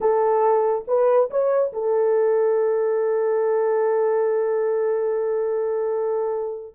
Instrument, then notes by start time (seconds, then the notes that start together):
horn
0.00 A4
0.87 B4
1.30 C#5
1.72 A4